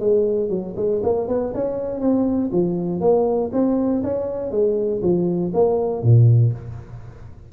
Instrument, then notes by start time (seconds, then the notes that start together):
tuba
0.00 G#3
0.50 F#3
0.77 G#3
1.03 A#3
1.28 B3
1.54 C#4
2.01 C4
2.52 F3
3.01 A#3
3.53 C4
4.04 C#4
4.51 G#3
5.02 F3
5.54 A#3
6.03 A#2